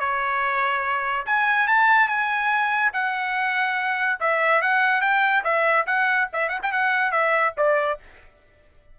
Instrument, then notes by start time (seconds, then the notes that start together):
trumpet
0.00 C#5
1.26 G#5
1.68 A5
2.08 G#5
2.93 F#5
4.20 E5
4.62 F#5
5.01 G5
5.44 E5
5.87 F#5
6.33 E5
6.49 F#5
6.63 G5
6.72 F#5
7.12 E5
7.57 D5